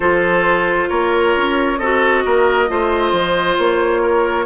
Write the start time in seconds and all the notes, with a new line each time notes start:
0.00 F3 F4 A4 C5
0.89 A#3 A#4 C#5
1.36 C#4
1.78 C4 F#4 A4 D#5
2.25 A#3 A#4
2.67 A3 F4 C5
3.12 F3
3.58 A#3 C#5
4.01 A#4